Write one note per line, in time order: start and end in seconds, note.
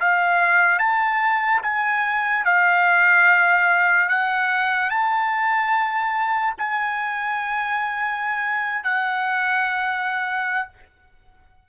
0.00 0.79 F5
0.79 1.61 A5
1.63 2.45 G#5
2.45 4.09 F5
4.09 4.90 F#5
4.90 6.55 A5
6.58 8.84 G#5
8.84 10.68 F#5